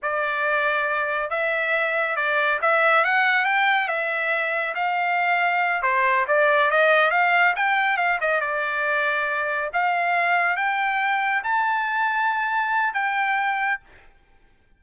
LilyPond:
\new Staff \with { instrumentName = "trumpet" } { \time 4/4 \tempo 4 = 139 d''2. e''4~ | e''4 d''4 e''4 fis''4 | g''4 e''2 f''4~ | f''4. c''4 d''4 dis''8~ |
dis''8 f''4 g''4 f''8 dis''8 d''8~ | d''2~ d''8 f''4.~ | f''8 g''2 a''4.~ | a''2 g''2 | }